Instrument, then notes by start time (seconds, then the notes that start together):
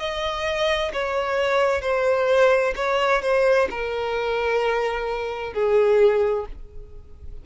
violin
0.00 D#5
0.94 C#5
1.82 C5
2.77 C#5
3.23 C5
3.71 A#4
5.54 G#4